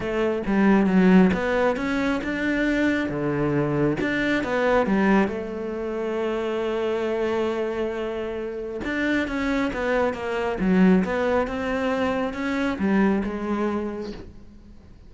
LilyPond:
\new Staff \with { instrumentName = "cello" } { \time 4/4 \tempo 4 = 136 a4 g4 fis4 b4 | cis'4 d'2 d4~ | d4 d'4 b4 g4 | a1~ |
a1 | d'4 cis'4 b4 ais4 | fis4 b4 c'2 | cis'4 g4 gis2 | }